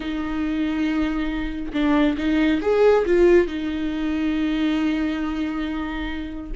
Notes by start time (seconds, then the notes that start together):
0.00 D#4
1.73 D4
2.17 D#4
2.61 G#4
3.05 F4
3.47 D#4